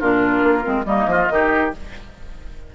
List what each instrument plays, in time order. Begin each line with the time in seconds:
0.00 bassoon A#2, clarinet D4, oboe F4, flute A#4
0.44 bassoon A#3
0.63 bassoon G#3, clarinet C4
0.85 bassoon G3, clarinet A#3, oboe D#4, flute D#5
1.07 bassoon F3, oboe F4
1.29 bassoon D#3, clarinet D#4, oboe G4